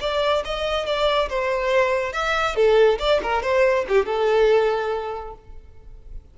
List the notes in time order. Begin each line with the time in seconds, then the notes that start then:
0.00 D5
0.45 D#5
0.86 D5
1.29 C5
2.13 E5
2.55 A4
2.99 D5
3.22 A#4
3.42 C5
3.88 G4
4.05 A4